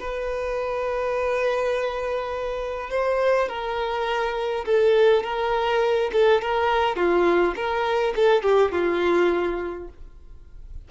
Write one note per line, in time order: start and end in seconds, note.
0.00 2.90 B4
2.90 3.49 C5
3.49 4.65 A#4
4.66 5.24 A4
5.24 6.11 A#4
6.13 6.42 A4
6.42 6.97 A#4
6.97 7.55 F4
7.56 8.14 A#4
8.16 8.43 A4
8.43 8.72 G4
8.72 9.88 F4